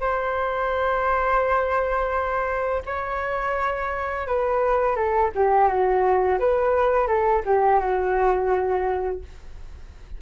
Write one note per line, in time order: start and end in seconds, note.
0.00 2.82 C5
2.86 4.27 C#5
4.27 4.95 B4
4.95 5.31 A4
5.35 5.68 G4
5.68 6.38 F#4
6.39 7.07 B4
7.07 7.42 A4
7.45 7.79 G4
7.79 9.21 F#4